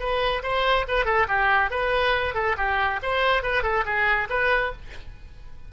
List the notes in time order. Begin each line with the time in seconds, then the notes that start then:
0.00 B4
0.43 C5
0.88 B4
1.06 A4
1.28 G4
1.71 B4
2.35 A4
2.58 G4
3.03 C5
3.43 B4
3.63 A4
3.86 G#4
4.30 B4